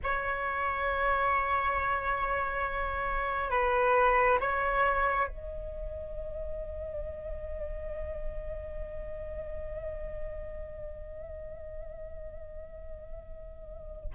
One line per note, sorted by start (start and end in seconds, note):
0.03 3.50 C#5
3.50 4.38 B4
4.40 5.27 C#5
5.27 14.10 D#5